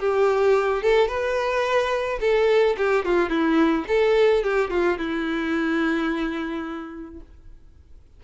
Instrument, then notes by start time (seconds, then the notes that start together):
violin
0.00 G4
0.82 A4
1.08 B4
2.21 A4
2.78 G4
3.05 F4
3.30 E4
3.88 A4
4.43 G4
4.70 F4
4.98 E4